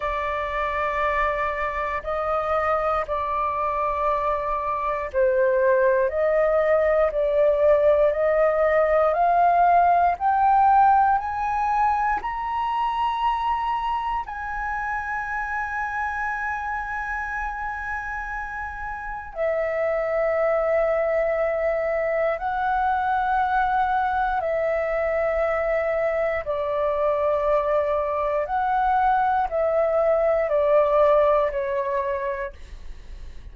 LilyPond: \new Staff \with { instrumentName = "flute" } { \time 4/4 \tempo 4 = 59 d''2 dis''4 d''4~ | d''4 c''4 dis''4 d''4 | dis''4 f''4 g''4 gis''4 | ais''2 gis''2~ |
gis''2. e''4~ | e''2 fis''2 | e''2 d''2 | fis''4 e''4 d''4 cis''4 | }